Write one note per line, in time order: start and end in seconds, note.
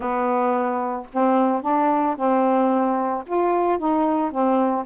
0.00 1.06 B3
1.13 1.62 C4
1.62 2.16 D4
2.16 3.24 C4
3.26 3.78 F4
3.78 4.31 D#4
4.31 4.85 C4